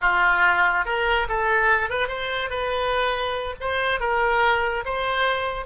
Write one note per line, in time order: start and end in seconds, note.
0.01 0.85 F4
0.85 1.27 A#4
1.28 1.89 A4
1.89 2.08 B4
2.08 2.49 C5
2.49 3.54 B4
3.60 4.00 C5
4.00 4.84 A#4
4.85 5.65 C5